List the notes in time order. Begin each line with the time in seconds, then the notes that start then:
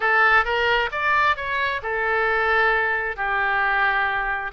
0.00 A4
0.44 A#4
0.91 D5
1.36 C#5
1.82 A4
3.16 G4